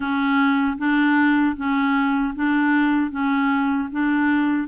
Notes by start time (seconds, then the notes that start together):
0.00 C#4
0.78 D4
1.56 C#4
2.35 D4
3.10 C#4
3.91 D4